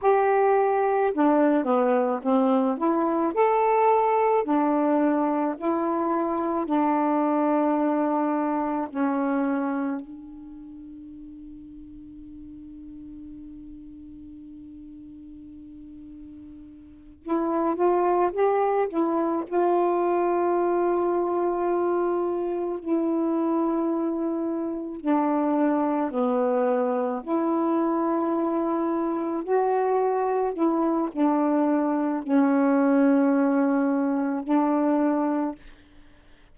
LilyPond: \new Staff \with { instrumentName = "saxophone" } { \time 4/4 \tempo 4 = 54 g'4 d'8 b8 c'8 e'8 a'4 | d'4 e'4 d'2 | cis'4 d'2.~ | d'2.~ d'8 e'8 |
f'8 g'8 e'8 f'2~ f'8~ | f'8 e'2 d'4 b8~ | b8 e'2 fis'4 e'8 | d'4 cis'2 d'4 | }